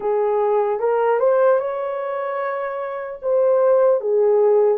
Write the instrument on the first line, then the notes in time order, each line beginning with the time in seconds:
horn
0.00 G#4
0.79 A#4
1.19 C5
1.59 C#5
3.21 C5
4.00 G#4